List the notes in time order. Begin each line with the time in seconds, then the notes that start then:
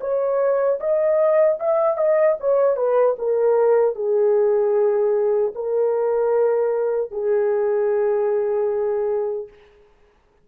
0.00 C#5
0.80 D#5
1.59 E5
1.97 D#5
2.40 C#5
2.76 B4
3.18 A#4
3.95 G#4
5.54 A#4
7.11 G#4